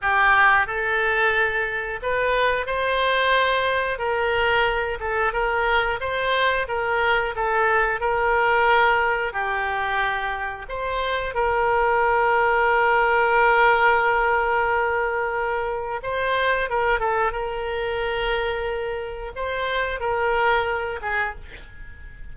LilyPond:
\new Staff \with { instrumentName = "oboe" } { \time 4/4 \tempo 4 = 90 g'4 a'2 b'4 | c''2 ais'4. a'8 | ais'4 c''4 ais'4 a'4 | ais'2 g'2 |
c''4 ais'2.~ | ais'1 | c''4 ais'8 a'8 ais'2~ | ais'4 c''4 ais'4. gis'8 | }